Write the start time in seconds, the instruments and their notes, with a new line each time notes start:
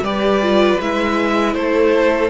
0.00 cello G3, viola G4, violin B4 D5
0.42 viola F4
0.80 cello G#3, viola E4, violin E5
1.54 cello A3, violin A4 C5